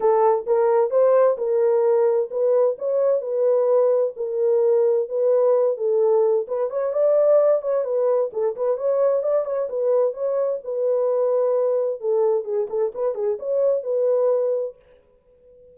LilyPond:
\new Staff \with { instrumentName = "horn" } { \time 4/4 \tempo 4 = 130 a'4 ais'4 c''4 ais'4~ | ais'4 b'4 cis''4 b'4~ | b'4 ais'2 b'4~ | b'8 a'4. b'8 cis''8 d''4~ |
d''8 cis''8 b'4 a'8 b'8 cis''4 | d''8 cis''8 b'4 cis''4 b'4~ | b'2 a'4 gis'8 a'8 | b'8 gis'8 cis''4 b'2 | }